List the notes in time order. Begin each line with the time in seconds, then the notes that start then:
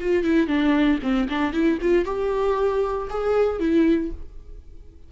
0.00 F4
0.24 E4
0.47 D4
1.03 C4
1.29 D4
1.53 E4
1.81 F4
2.05 G4
3.10 G#4
3.59 E4